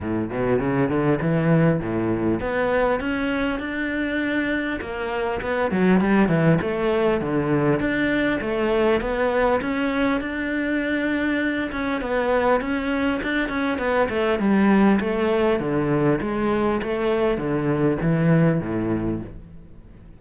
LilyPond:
\new Staff \with { instrumentName = "cello" } { \time 4/4 \tempo 4 = 100 a,8 b,8 cis8 d8 e4 a,4 | b4 cis'4 d'2 | ais4 b8 fis8 g8 e8 a4 | d4 d'4 a4 b4 |
cis'4 d'2~ d'8 cis'8 | b4 cis'4 d'8 cis'8 b8 a8 | g4 a4 d4 gis4 | a4 d4 e4 a,4 | }